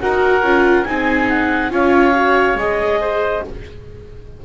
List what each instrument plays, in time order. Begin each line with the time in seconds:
0.00 double bass D#4, viola F#4, oboe A#4, clarinet F#5
0.42 double bass C#4, viola F4
0.84 double bass C4, viola D#4, oboe G#4, clarinet G#5
1.29 clarinet F#5
1.70 double bass C#4, viola F4, oboe C#5, clarinet F5
2.15 viola F#4
2.55 double bass G#3, viola G#4, clarinet D#5
3.01 oboe C5